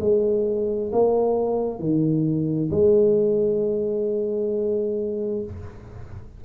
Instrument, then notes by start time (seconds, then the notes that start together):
tuba
0.00 G#3
0.92 A#3
1.79 D#3
2.71 G#3